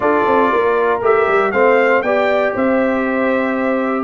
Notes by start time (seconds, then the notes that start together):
0.00 D4 F4 A4 D5
0.26 C4
0.51 A#3 A#4
1.01 A3 G4 E5
1.27 G3
1.51 A3 C4 C5 F5
2.02 B3 G4 D5 G5
2.53 C4 C5 E5